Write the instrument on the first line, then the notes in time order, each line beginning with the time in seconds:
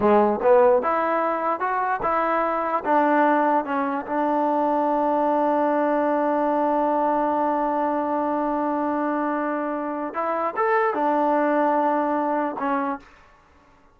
trombone
0.00 G#3
0.42 B3
0.82 E4
1.60 F#4
2.02 E4
2.84 D4
3.64 C#4
4.06 D4
10.14 E4
10.56 A4
10.93 D4
12.59 C#4